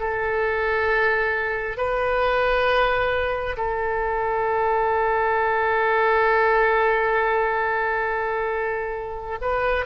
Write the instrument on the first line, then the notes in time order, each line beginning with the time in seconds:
oboe
0.00 A4
1.77 B4
3.57 A4
9.42 B4